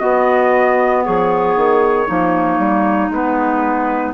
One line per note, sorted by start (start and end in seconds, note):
0.00 2.07 B3
0.00 1.06 B3
0.00 1.03 F#4
0.00 1.03 D#5
1.05 1.56 F3
1.05 2.07 G#4
1.05 3.13 C#5
1.56 2.08 D#3
2.07 2.59 F3
2.07 3.12 A#3
2.07 4.14 D#4
2.59 3.09 G3
3.09 4.13 G#3
3.09 4.14 B3
3.09 4.14 B4